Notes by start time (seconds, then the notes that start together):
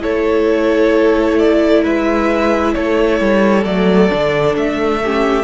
0.00 A3 E4 A4 C#5
1.39 D5
1.83 G#3 B4 E5
2.74 A3 A4 C#5
3.21 G3
3.65 F#3 A3 D5
4.10 D3 D4
4.56 A3 E5
5.03 C#4 G4